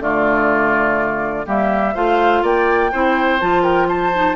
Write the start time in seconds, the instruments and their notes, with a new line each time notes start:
0.00 bassoon D3, clarinet A3, oboe F4, flute D5
1.46 bassoon G3, clarinet A#3, oboe G4, flute E5
1.94 bassoon A3, clarinet F4, oboe C5, flute F5
2.43 bassoon A#3, oboe D5, flute G5
2.92 bassoon C4, clarinet E4, oboe C5
3.40 bassoon F3, clarinet F4, flute A5
3.63 oboe A#4, flute G5
3.88 oboe C5, flute A5
4.15 clarinet D#4